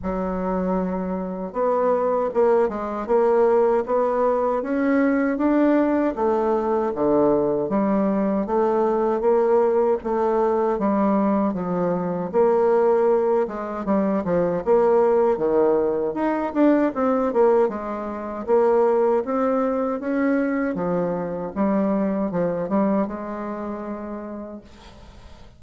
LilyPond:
\new Staff \with { instrumentName = "bassoon" } { \time 4/4 \tempo 4 = 78 fis2 b4 ais8 gis8 | ais4 b4 cis'4 d'4 | a4 d4 g4 a4 | ais4 a4 g4 f4 |
ais4. gis8 g8 f8 ais4 | dis4 dis'8 d'8 c'8 ais8 gis4 | ais4 c'4 cis'4 f4 | g4 f8 g8 gis2 | }